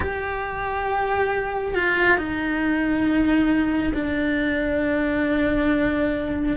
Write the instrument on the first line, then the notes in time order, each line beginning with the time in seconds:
cello
0.00 G4
1.74 F4
2.17 D#4
3.94 D4